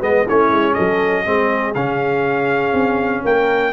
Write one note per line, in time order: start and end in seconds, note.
0.00 0.26 G#3
0.00 0.26 B3
0.00 0.25 B4
0.00 0.27 D#5
0.26 0.50 A3
0.26 1.25 C#4
0.26 0.75 E4
0.26 0.74 C#5
0.50 0.75 G#3
0.74 1.26 F#3
0.74 1.24 A4
0.74 1.73 D#5
1.25 1.75 G#3
1.25 1.75 C4
1.25 3.24 G#4
1.75 2.73 C#3
1.75 3.73 C#4
1.75 3.24 F5
2.73 3.23 C4
3.24 3.73 A#3
3.24 3.73 A#4
3.24 3.73 G5